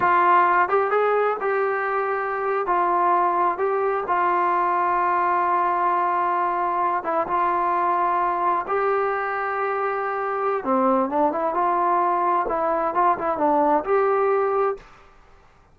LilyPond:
\new Staff \with { instrumentName = "trombone" } { \time 4/4 \tempo 4 = 130 f'4. g'8 gis'4 g'4~ | g'4.~ g'16 f'2 g'16~ | g'8. f'2.~ f'16~ | f'2.~ f'16 e'8 f'16~ |
f'2~ f'8. g'4~ g'16~ | g'2. c'4 | d'8 e'8 f'2 e'4 | f'8 e'8 d'4 g'2 | }